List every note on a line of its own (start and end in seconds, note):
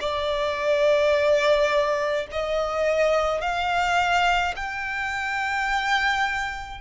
0.00 2.26 D5
2.31 3.41 D#5
3.41 4.54 F5
4.55 6.80 G5